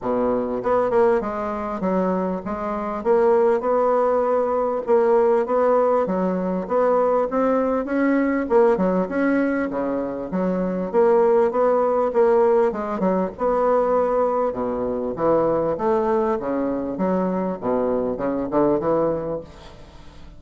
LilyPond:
\new Staff \with { instrumentName = "bassoon" } { \time 4/4 \tempo 4 = 99 b,4 b8 ais8 gis4 fis4 | gis4 ais4 b2 | ais4 b4 fis4 b4 | c'4 cis'4 ais8 fis8 cis'4 |
cis4 fis4 ais4 b4 | ais4 gis8 fis8 b2 | b,4 e4 a4 cis4 | fis4 b,4 cis8 d8 e4 | }